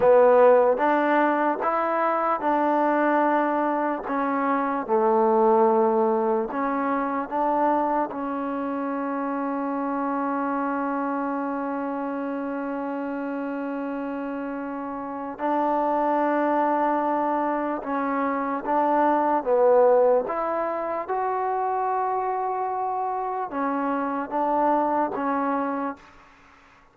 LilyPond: \new Staff \with { instrumentName = "trombone" } { \time 4/4 \tempo 4 = 74 b4 d'4 e'4 d'4~ | d'4 cis'4 a2 | cis'4 d'4 cis'2~ | cis'1~ |
cis'2. d'4~ | d'2 cis'4 d'4 | b4 e'4 fis'2~ | fis'4 cis'4 d'4 cis'4 | }